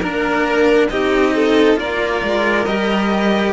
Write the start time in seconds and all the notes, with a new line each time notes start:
0.00 A#3 D4 A#4
0.90 C4 D#4 G4 D#5
1.35 A4
1.77 A#3 F4 A#4 D5
2.23 G#3
2.66 G3 G4 D#5